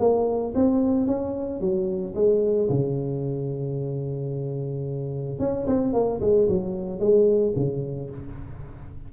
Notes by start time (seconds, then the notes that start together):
0.00 A#3
0.55 C4
1.07 C#4
1.61 F#3
2.15 G#3
2.70 C#3
5.40 C#4
5.67 C4
5.94 A#3
6.21 G#3
6.49 F#3
7.00 G#3
7.56 C#3